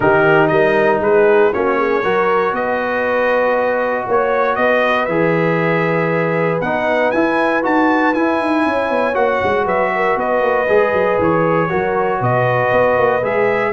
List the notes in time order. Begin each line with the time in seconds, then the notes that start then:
0.00 D#3 D#4 G4 A#4
0.47 G3 A#4 D#5
1.00 G#3 G#4 B4
1.53 A#3 C#4 F#4 C#5
1.77 G#4
2.03 F#3 F#4 A#4
2.52 B3 B4 D#5
4.06 A#3 C#5
4.55 B3 B4 D#5
5.05 E3 G#4 E5
6.60 B3 D#4 F#5
7.11 E4 G#5
7.62 D#4 F#4 A5
8.14 E4 G#5
8.40 D#4
8.65 C#4 C#5
8.89 B3
9.14 A#3 F#4 F#5
9.43 G#3
9.64 F#3 B4 E5
9.95 A#4
10.16 B3 B4 D#5
10.41 A#3
10.68 G#3 G#4
10.93 F#3
11.18 E3 C#5
11.69 F#3 F#4 A#4
12.19 B2 B4 D#5
12.72 B3
12.97 A#3
13.22 G#3 G#4 E5